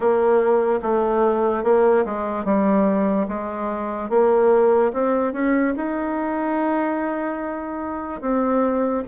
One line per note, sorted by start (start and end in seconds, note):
0.00 0.80 A#3
0.82 1.63 A3
1.63 2.04 A#3
2.05 2.44 G#3
2.44 3.27 G3
3.28 4.09 G#3
4.09 4.91 A#3
4.93 5.32 C4
5.32 5.73 C#4
5.76 8.21 D#4
8.21 9.03 C4